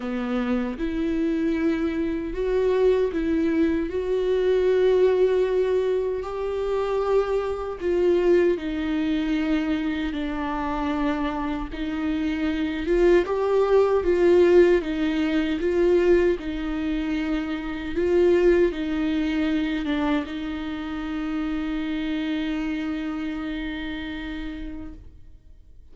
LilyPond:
\new Staff \with { instrumentName = "viola" } { \time 4/4 \tempo 4 = 77 b4 e'2 fis'4 | e'4 fis'2. | g'2 f'4 dis'4~ | dis'4 d'2 dis'4~ |
dis'8 f'8 g'4 f'4 dis'4 | f'4 dis'2 f'4 | dis'4. d'8 dis'2~ | dis'1 | }